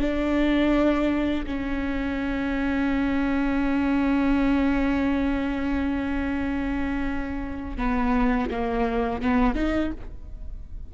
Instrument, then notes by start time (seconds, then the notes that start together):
viola
0.00 D4
1.46 C#4
7.77 B3
8.50 A#3
9.21 B3
9.55 D#4